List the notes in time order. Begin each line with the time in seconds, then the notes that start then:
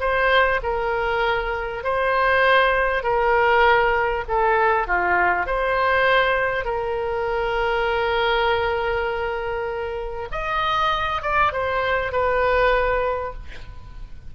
0.00 C5
0.63 A#4
1.84 C5
3.03 A#4
4.28 A4
4.87 F4
5.46 C5
6.65 A#4
10.32 D#5
11.22 D5
11.52 C5
12.12 B4